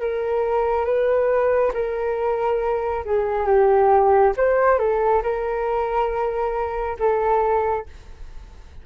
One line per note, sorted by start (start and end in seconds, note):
0.00 0.85 A#4
0.85 1.72 B4
1.74 3.04 A#4
3.04 3.46 G#4
3.46 4.33 G4
4.36 4.78 C5
4.78 5.22 A4
5.23 6.96 A#4
6.99 7.86 A4